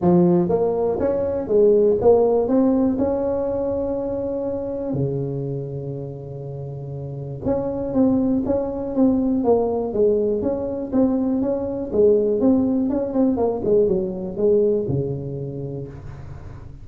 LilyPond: \new Staff \with { instrumentName = "tuba" } { \time 4/4 \tempo 4 = 121 f4 ais4 cis'4 gis4 | ais4 c'4 cis'2~ | cis'2 cis2~ | cis2. cis'4 |
c'4 cis'4 c'4 ais4 | gis4 cis'4 c'4 cis'4 | gis4 c'4 cis'8 c'8 ais8 gis8 | fis4 gis4 cis2 | }